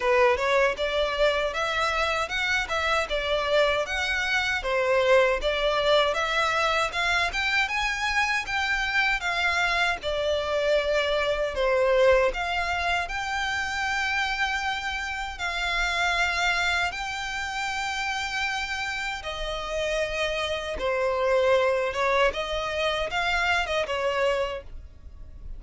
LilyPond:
\new Staff \with { instrumentName = "violin" } { \time 4/4 \tempo 4 = 78 b'8 cis''8 d''4 e''4 fis''8 e''8 | d''4 fis''4 c''4 d''4 | e''4 f''8 g''8 gis''4 g''4 | f''4 d''2 c''4 |
f''4 g''2. | f''2 g''2~ | g''4 dis''2 c''4~ | c''8 cis''8 dis''4 f''8. dis''16 cis''4 | }